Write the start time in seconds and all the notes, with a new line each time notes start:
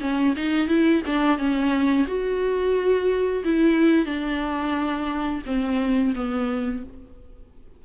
0.00 C#4
0.36 D#4
0.68 E4
1.06 D4
1.38 C#4
2.07 F#4
3.44 E4
4.05 D4
5.45 C4
6.15 B3